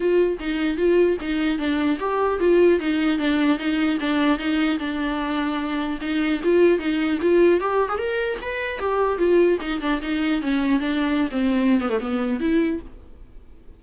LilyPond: \new Staff \with { instrumentName = "viola" } { \time 4/4 \tempo 4 = 150 f'4 dis'4 f'4 dis'4 | d'4 g'4 f'4 dis'4 | d'4 dis'4 d'4 dis'4 | d'2. dis'4 |
f'4 dis'4 f'4 g'8. gis'16 | ais'4 b'4 g'4 f'4 | dis'8 d'8 dis'4 cis'4 d'4~ | d'16 c'4~ c'16 b16 a16 b4 e'4 | }